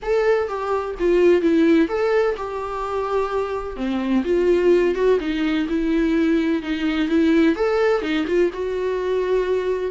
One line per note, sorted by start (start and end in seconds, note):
0.02 0.47 A4
0.47 0.95 G4
0.99 1.41 F4
1.41 1.88 E4
1.88 2.35 A4
2.36 3.76 G4
3.76 4.23 C4
4.24 4.95 F4
4.95 5.18 F#4
5.19 5.67 D#4
5.68 6.62 E4
6.62 7.08 D#4
7.08 7.55 E4
7.55 8.02 A4
8.02 8.25 D#4
8.27 8.50 F4
8.53 9.91 F#4